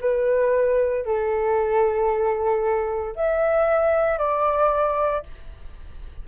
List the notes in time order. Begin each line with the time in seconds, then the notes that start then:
0.00 B4
1.05 A4
3.15 E5
4.18 D5